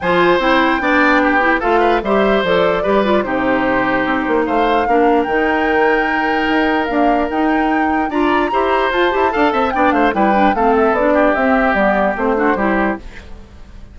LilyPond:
<<
  \new Staff \with { instrumentName = "flute" } { \time 4/4 \tempo 4 = 148 gis''4 g''2. | f''4 e''4 d''2 | c''2. f''4~ | f''4 g''2.~ |
g''4 f''4 g''2 | ais''2 a''2 | g''8 f''8 g''4 f''8 e''8 d''4 | e''4 d''4 c''2 | }
  \new Staff \with { instrumentName = "oboe" } { \time 4/4 c''2 d''4 g'4 | a'8 b'8 c''2 b'4 | g'2. c''4 | ais'1~ |
ais'1 | d''4 c''2 f''8 e''8 | d''8 c''8 b'4 a'4. g'8~ | g'2~ g'8 fis'8 g'4 | }
  \new Staff \with { instrumentName = "clarinet" } { \time 4/4 f'4 e'4 d'4. e'8 | f'4 g'4 a'4 g'8 f'8 | dis'1 | d'4 dis'2.~ |
dis'4 ais4 dis'2 | f'4 g'4 f'8 g'8 a'4 | d'4 e'8 d'8 c'4 d'4 | c'4 b4 c'8 d'8 e'4 | }
  \new Staff \with { instrumentName = "bassoon" } { \time 4/4 f4 c'4 b2 | a4 g4 f4 g4 | c2 c'8 ais8 a4 | ais4 dis2. |
dis'4 d'4 dis'2 | d'4 e'4 f'8 e'8 d'8 c'8 | b8 a8 g4 a4 b4 | c'4 g4 a4 g4 | }
>>